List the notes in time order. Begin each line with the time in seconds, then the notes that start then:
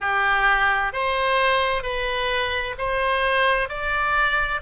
0.00 G4
0.92 C5
1.82 B4
2.77 C5
3.68 D5